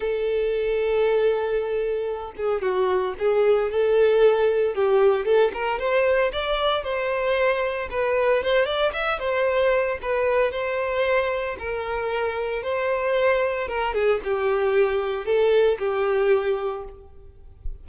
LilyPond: \new Staff \with { instrumentName = "violin" } { \time 4/4 \tempo 4 = 114 a'1~ | a'8 gis'8 fis'4 gis'4 a'4~ | a'4 g'4 a'8 ais'8 c''4 | d''4 c''2 b'4 |
c''8 d''8 e''8 c''4. b'4 | c''2 ais'2 | c''2 ais'8 gis'8 g'4~ | g'4 a'4 g'2 | }